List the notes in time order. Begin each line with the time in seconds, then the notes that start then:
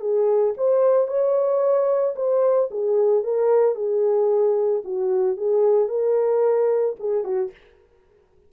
0.00 G#4
0.57 C5
1.07 C#5
2.15 C5
2.71 G#4
3.23 A#4
3.75 G#4
4.84 F#4
5.36 G#4
5.88 A#4
6.99 G#4
7.24 F#4